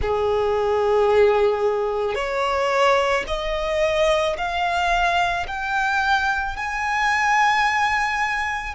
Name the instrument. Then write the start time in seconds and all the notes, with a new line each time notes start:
violin
0.01 G#4
2.14 C#5
3.27 D#5
4.37 F5
5.47 G5
6.56 G#5